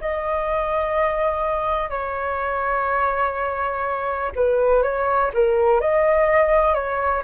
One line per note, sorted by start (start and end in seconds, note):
0.00 1.89 D#5
1.89 4.31 C#5
4.35 4.82 B4
4.82 5.30 C#5
5.34 5.80 A#4
5.80 6.74 D#5
6.74 7.22 C#5